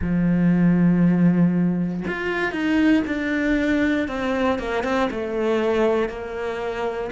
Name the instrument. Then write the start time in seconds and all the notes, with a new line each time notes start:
cello
0.01 F3
2.07 F4
2.51 D#4
3.06 D4
4.07 C4
4.58 A#3
4.83 C4
5.10 A3
6.08 A#3